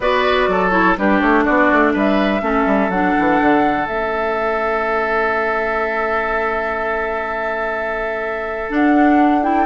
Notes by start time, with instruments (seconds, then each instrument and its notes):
0.00 bassoon B3, clarinet F#4, oboe B4, flute D5
0.47 bassoon F#3, oboe A4
0.70 clarinet E4, flute C#5
0.97 bassoon G3, clarinet D4, oboe G4, flute B4
1.20 bassoon A3, flute C#5
1.44 bassoon B3, oboe F#4, flute D5
1.72 bassoon A3
1.93 bassoon G3, oboe B4, flute E5
2.41 bassoon A3, clarinet C#4, oboe A4
2.65 bassoon G3
2.88 bassoon F#3, clarinet D4, flute F#5
3.18 bassoon E3
3.40 bassoon D3
3.87 bassoon A3, clarinet C#4, flute E5
8.69 clarinet D4, bassoon D4, flute F#5
9.42 clarinet E4, flute G5